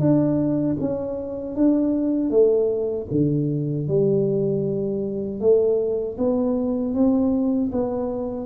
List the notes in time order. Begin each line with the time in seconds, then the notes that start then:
0.00 D4
0.80 C#4
1.56 D4
2.30 A3
3.12 D3
3.88 G3
5.41 A3
6.18 B3
6.94 C4
7.72 B3